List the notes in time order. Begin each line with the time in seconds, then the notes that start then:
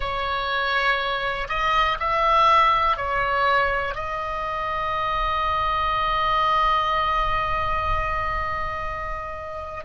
0.00 C#5
1.48 D#5
1.99 E5
2.96 C#5
3.94 D#5